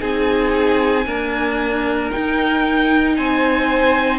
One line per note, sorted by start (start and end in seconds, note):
0.00 1.06 C4
0.00 1.05 D#4
0.00 1.06 G#4
0.00 2.11 G#5
1.06 2.12 A#3
1.06 2.12 D4
1.06 3.17 A#4
2.12 4.19 D#4
2.12 3.18 D#4
2.12 3.17 G5
3.17 4.19 C4
3.17 4.19 C5
3.17 4.19 G#5